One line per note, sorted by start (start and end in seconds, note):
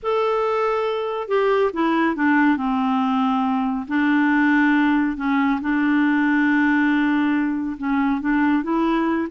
0.02 1.28 A4
1.28 1.71 G4
1.73 2.15 E4
2.15 2.57 D4
2.57 3.86 C4
3.87 5.16 D4
5.16 5.59 C#4
5.61 7.77 D4
7.77 8.20 C#4
8.20 8.63 D4
8.63 9.27 E4